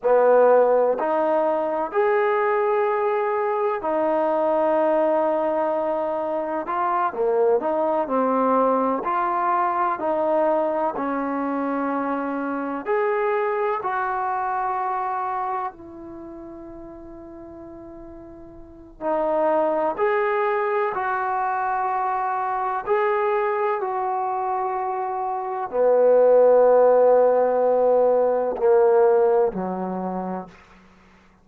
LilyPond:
\new Staff \with { instrumentName = "trombone" } { \time 4/4 \tempo 4 = 63 b4 dis'4 gis'2 | dis'2. f'8 ais8 | dis'8 c'4 f'4 dis'4 cis'8~ | cis'4. gis'4 fis'4.~ |
fis'8 e'2.~ e'8 | dis'4 gis'4 fis'2 | gis'4 fis'2 b4~ | b2 ais4 fis4 | }